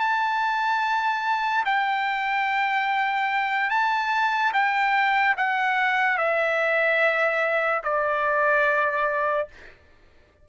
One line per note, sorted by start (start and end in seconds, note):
0.00 1.64 A5
1.66 3.71 G5
3.71 4.53 A5
4.54 5.36 G5
5.38 6.18 F#5
6.18 7.83 E5
7.84 9.49 D5